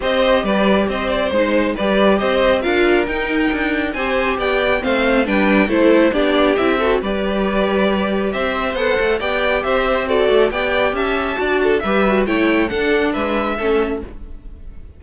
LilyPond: <<
  \new Staff \with { instrumentName = "violin" } { \time 4/4 \tempo 4 = 137 dis''4 d''4 dis''8 d''8 c''4 | d''4 dis''4 f''4 g''4~ | g''4 gis''4 g''4 f''4 | g''4 c''4 d''4 e''4 |
d''2. e''4 | fis''4 g''4 e''4 d''4 | g''4 a''2 e''4 | g''4 fis''4 e''2 | }
  \new Staff \with { instrumentName = "violin" } { \time 4/4 c''4 b'4 c''2 | b'4 c''4 ais'2~ | ais'4 c''4 d''4 c''4 | b'4 a'4 g'4. a'8 |
b'2. c''4~ | c''4 d''4 c''4 a'4 | d''4 e''4 d''8 a'8 b'4 | cis''4 a'4 b'4 a'4 | }
  \new Staff \with { instrumentName = "viola" } { \time 4/4 g'2. dis'4 | g'2 f'4 dis'4~ | dis'4 g'2 c'4 | d'4 e'4 d'4 e'8 fis'8 |
g'1 | a'4 g'2 fis'4 | g'2 fis'4 g'8 fis'8 | e'4 d'2 cis'4 | }
  \new Staff \with { instrumentName = "cello" } { \time 4/4 c'4 g4 c'4 gis4 | g4 c'4 d'4 dis'4 | d'4 c'4 b4 a4 | g4 a4 b4 c'4 |
g2. c'4 | b8 a8 b4 c'4. a8 | b4 cis'4 d'4 g4 | a4 d'4 gis4 a4 | }
>>